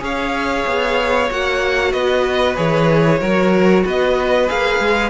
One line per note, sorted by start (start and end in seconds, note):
0.00 0.65 C#4
0.00 1.28 G#4
0.00 1.93 C#5
0.00 1.32 F5
0.67 1.31 B3
1.31 1.94 A#3
1.31 2.56 F#4
1.31 1.93 F#5
1.93 2.57 B3
1.93 3.20 B4
1.93 2.56 D#5
2.56 3.21 E3
2.56 3.20 G#4
2.56 3.85 C#5
3.21 3.85 F#3
3.21 4.48 F#4
3.21 3.84 A#4
3.85 4.50 B3
3.85 5.10 B4
3.85 4.49 D#5
4.48 4.80 A#3
4.48 5.10 G#4
4.48 5.10 F5
4.80 5.10 G#3